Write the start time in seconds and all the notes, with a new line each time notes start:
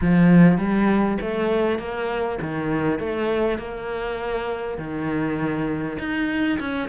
0.01 F3
0.58 G3
1.21 A3
1.78 A#3
2.41 D#3
2.99 A3
3.58 A#3
4.78 D#3
5.98 D#4
6.59 C#4